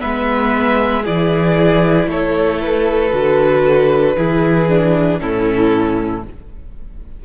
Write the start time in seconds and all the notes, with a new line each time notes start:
0.00 G#3 B3 B4 E5
1.02 E3 E4 G#4 D5
2.07 A3 A4 C#5
2.61 B4
3.11 D3 F#4
4.17 E3 E4 G#4
4.69 D4
5.19 A2 C#4 E4 A4